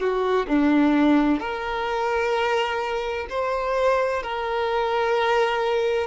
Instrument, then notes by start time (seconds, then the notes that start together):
violin
0.00 F#4
0.48 D4
1.40 A#4
3.30 C5
4.23 A#4